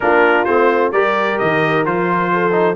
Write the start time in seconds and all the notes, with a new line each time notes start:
0.00 A#3 D4 F4 A#4
0.44 A3 C4 C5
0.92 G3 G4 A#4 D5
1.38 D#3 D#5
1.85 F3 F4 C5
2.32 A4
2.51 D#4